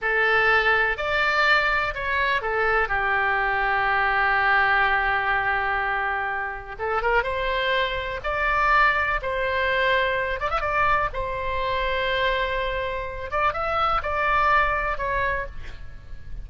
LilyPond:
\new Staff \with { instrumentName = "oboe" } { \time 4/4 \tempo 4 = 124 a'2 d''2 | cis''4 a'4 g'2~ | g'1~ | g'2 a'8 ais'8 c''4~ |
c''4 d''2 c''4~ | c''4. d''16 e''16 d''4 c''4~ | c''2.~ c''8 d''8 | e''4 d''2 cis''4 | }